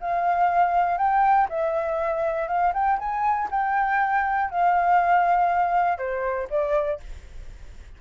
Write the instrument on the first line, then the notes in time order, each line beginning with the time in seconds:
flute
0.00 F5
0.97 G5
1.49 E5
2.48 F5
2.73 G5
2.98 G#5
3.51 G5
4.50 F5
5.98 C5
6.50 D5